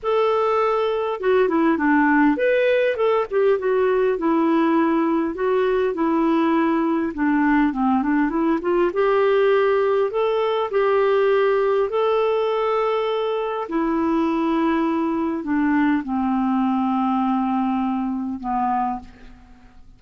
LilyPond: \new Staff \with { instrumentName = "clarinet" } { \time 4/4 \tempo 4 = 101 a'2 fis'8 e'8 d'4 | b'4 a'8 g'8 fis'4 e'4~ | e'4 fis'4 e'2 | d'4 c'8 d'8 e'8 f'8 g'4~ |
g'4 a'4 g'2 | a'2. e'4~ | e'2 d'4 c'4~ | c'2. b4 | }